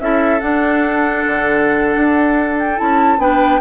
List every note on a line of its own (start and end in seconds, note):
0.00 0.41 C#4
0.00 0.41 E4
0.00 3.21 A4
0.00 0.40 E5
0.40 2.77 D4
0.40 1.24 D4
0.40 2.57 F#5
1.27 1.96 D3
1.96 2.78 D4
2.59 2.79 G5
2.77 3.18 C#4
2.77 3.18 E4
2.77 3.20 A5
3.18 3.60 B3
3.18 3.61 D4
3.18 3.61 B4
3.18 3.61 G5